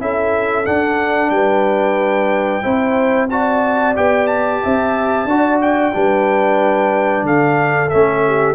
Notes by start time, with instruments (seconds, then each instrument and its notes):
0.00 tuba C#4, trombone E4, horn A4, trumpet E5
0.66 trombone D4, tuba D4, trumpet F#5
1.30 tuba G3, horn B4, trumpet G5
2.63 tuba C4, trombone E4, horn C5
3.30 trombone F#4, horn D5, trumpet A5
3.95 tuba B3, trombone G4, trumpet G5
4.27 trumpet A5
4.63 tuba C4, horn E5
5.25 tuba D4, trombone F#4, horn D5
5.62 trumpet G5
5.93 tuba G3, trombone D4, horn B4
7.23 tuba D3, horn A4, trumpet F5
7.90 tuba A3, trombone C#4, trumpet E5
8.27 horn G4